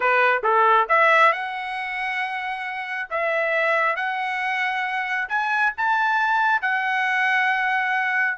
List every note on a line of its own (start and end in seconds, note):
0.00 0.42 B4
0.43 0.87 A4
0.88 1.32 E5
1.32 3.09 F#5
3.09 3.96 E5
3.96 5.28 F#5
5.28 5.72 G#5
5.77 6.61 A5
6.61 8.37 F#5